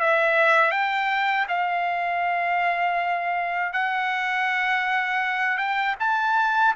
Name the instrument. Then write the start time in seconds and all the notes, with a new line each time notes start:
trumpet
0.00 E5
0.72 G5
1.49 F5
3.73 F#5
5.58 G5
6.00 A5